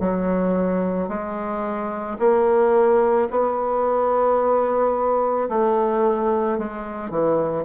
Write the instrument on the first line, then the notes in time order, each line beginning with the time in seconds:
bassoon
0.00 F#3
1.08 G#3
2.19 A#3
3.30 B3
5.49 A3
6.58 G#3
7.10 E3